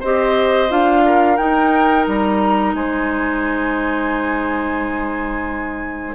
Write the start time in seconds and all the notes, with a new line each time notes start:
0.00 C4 G4 C5 D#5
0.69 D4 F4 F5
1.06 A#4
1.37 D#4 G5
2.07 G3 A#5
2.74 G#3 C5 G#5